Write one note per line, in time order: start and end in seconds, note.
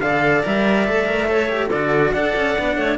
0.00 0.43 D3
0.00 0.43 A4
0.00 1.30 D5
0.00 0.43 F5
0.43 0.88 G3
0.43 0.86 A#4
0.43 1.70 E5
0.86 1.70 A3
0.86 1.06 A4
1.06 1.27 A#4
1.27 1.49 A4
1.27 1.67 C#5
1.49 1.70 G4
1.67 2.12 D3
1.67 2.16 F#4
1.67 2.10 A4
1.67 2.12 D5
2.12 2.34 D4
2.12 2.58 A4
2.12 2.77 D5
2.12 2.97 F#5
2.35 2.57 C#4
2.58 2.77 B3
2.58 2.98 D4
2.77 2.98 A3
2.77 2.98 C#5